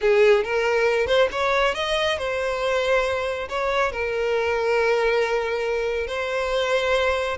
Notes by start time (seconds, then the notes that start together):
0.01 G#4
0.43 A#4
1.07 C5
1.31 C#5
1.74 D#5
2.17 C5
3.48 C#5
3.92 A#4
6.07 C5